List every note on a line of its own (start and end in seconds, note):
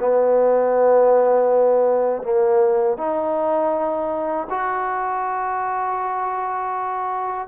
0.00 2.23 B3
2.23 2.98 A#3
2.98 4.48 D#4
4.50 7.48 F#4